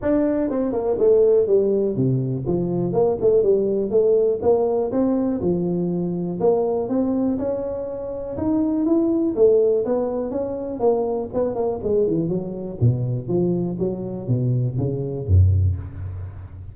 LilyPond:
\new Staff \with { instrumentName = "tuba" } { \time 4/4 \tempo 4 = 122 d'4 c'8 ais8 a4 g4 | c4 f4 ais8 a8 g4 | a4 ais4 c'4 f4~ | f4 ais4 c'4 cis'4~ |
cis'4 dis'4 e'4 a4 | b4 cis'4 ais4 b8 ais8 | gis8 e8 fis4 b,4 f4 | fis4 b,4 cis4 fis,4 | }